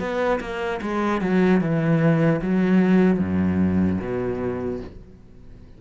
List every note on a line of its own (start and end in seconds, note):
0.00 0.40 B3
0.41 0.81 A#3
0.82 1.22 G#3
1.22 1.61 F#3
1.61 2.41 E3
2.42 3.19 F#3
3.19 3.99 F#2
4.01 4.81 B2